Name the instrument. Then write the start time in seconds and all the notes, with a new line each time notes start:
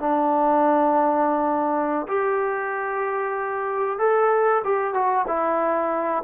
trombone
0.00 D4
2.08 G4
3.99 A4
4.65 G4
4.94 F#4
5.28 E4